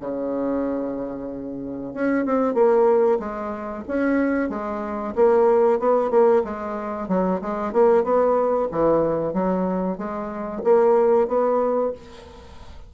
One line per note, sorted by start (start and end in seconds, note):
0.00 1.93 C#3
1.93 2.25 C#4
2.25 2.54 C4
2.54 3.18 A#3
3.19 3.84 G#3
3.87 4.49 C#4
4.49 5.14 G#3
5.15 5.79 A#3
5.79 6.10 B3
6.10 6.42 A#3
6.44 7.08 G#3
7.08 7.40 F#3
7.41 7.72 G#3
7.72 8.03 A#3
8.03 8.68 B3
8.71 9.33 E3
9.33 9.97 F#3
9.97 10.62 G#3
10.64 11.27 A#3
11.27 11.92 B3